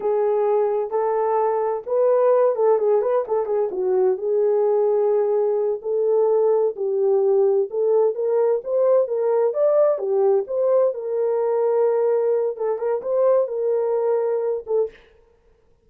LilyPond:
\new Staff \with { instrumentName = "horn" } { \time 4/4 \tempo 4 = 129 gis'2 a'2 | b'4. a'8 gis'8 b'8 a'8 gis'8 | fis'4 gis'2.~ | gis'8 a'2 g'4.~ |
g'8 a'4 ais'4 c''4 ais'8~ | ais'8 d''4 g'4 c''4 ais'8~ | ais'2. a'8 ais'8 | c''4 ais'2~ ais'8 a'8 | }